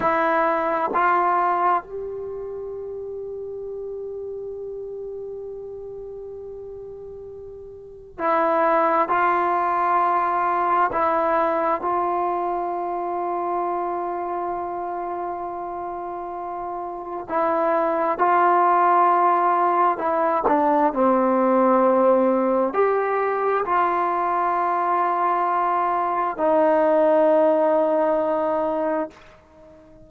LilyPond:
\new Staff \with { instrumentName = "trombone" } { \time 4/4 \tempo 4 = 66 e'4 f'4 g'2~ | g'1~ | g'4 e'4 f'2 | e'4 f'2.~ |
f'2. e'4 | f'2 e'8 d'8 c'4~ | c'4 g'4 f'2~ | f'4 dis'2. | }